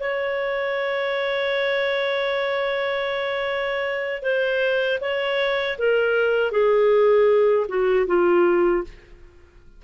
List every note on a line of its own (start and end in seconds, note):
0.00 4.22 C#5
4.22 4.99 C5
5.00 5.77 C#5
5.78 6.51 A#4
6.51 7.67 G#4
7.68 8.07 F#4
8.07 8.84 F4